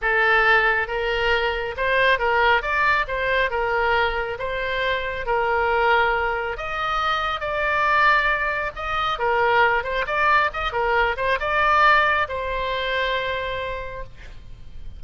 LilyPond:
\new Staff \with { instrumentName = "oboe" } { \time 4/4 \tempo 4 = 137 a'2 ais'2 | c''4 ais'4 d''4 c''4 | ais'2 c''2 | ais'2. dis''4~ |
dis''4 d''2. | dis''4 ais'4. c''8 d''4 | dis''8 ais'4 c''8 d''2 | c''1 | }